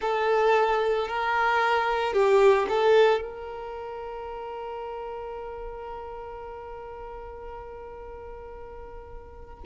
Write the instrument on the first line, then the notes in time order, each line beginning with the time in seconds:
violin
0.01 A4
1.08 A#4
2.13 G4
2.68 A4
3.21 A#4